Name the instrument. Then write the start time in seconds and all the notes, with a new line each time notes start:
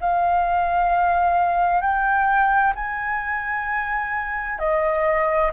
flute
0.00 F5
1.81 G5
2.75 G#5
4.59 D#5